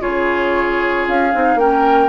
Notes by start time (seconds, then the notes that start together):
0.00 C#3 F4 G#4 C#5
1.08 C#4 F5
1.32 C4 D#4
1.55 A#3 C#4 A#4 G5